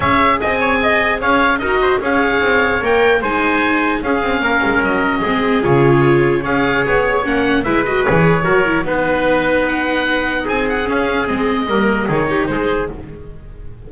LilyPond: <<
  \new Staff \with { instrumentName = "oboe" } { \time 4/4 \tempo 4 = 149 e''4 gis''2 f''4 | dis''4 f''2 g''4 | gis''2 f''2 | dis''2 cis''2 |
f''4 cis''4 fis''4 e''8 dis''8 | cis''2 b'2 | fis''2 gis''8 fis''8 f''4 | dis''2 cis''4 c''4 | }
  \new Staff \with { instrumentName = "trumpet" } { \time 4/4 cis''4 dis''8 cis''8 dis''4 cis''4 | ais'8 c''8 cis''2. | c''2 gis'4 ais'4~ | ais'4 gis'2. |
cis''2. b'4~ | b'4 ais'4 b'2~ | b'2 gis'2~ | gis'4 ais'4 gis'8 g'8 gis'4 | }
  \new Staff \with { instrumentName = "viola" } { \time 4/4 gis'1 | fis'4 gis'2 ais'4 | dis'2 cis'2~ | cis'4 c'4 f'2 |
gis'2 cis'4 e'8 fis'8 | gis'4 fis'8 e'8 dis'2~ | dis'2. cis'4 | c'4 ais4 dis'2 | }
  \new Staff \with { instrumentName = "double bass" } { \time 4/4 cis'4 c'2 cis'4 | dis'4 cis'4 c'4 ais4 | gis2 cis'8 c'8 ais8 gis8 | fis4 gis4 cis2 |
cis'4 b4 ais4 gis4 | e4 fis4 b2~ | b2 c'4 cis'4 | gis4 g4 dis4 gis4 | }
>>